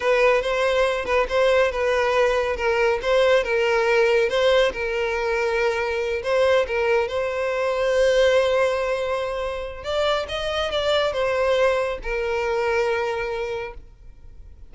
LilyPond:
\new Staff \with { instrumentName = "violin" } { \time 4/4 \tempo 4 = 140 b'4 c''4. b'8 c''4 | b'2 ais'4 c''4 | ais'2 c''4 ais'4~ | ais'2~ ais'8 c''4 ais'8~ |
ais'8 c''2.~ c''8~ | c''2. d''4 | dis''4 d''4 c''2 | ais'1 | }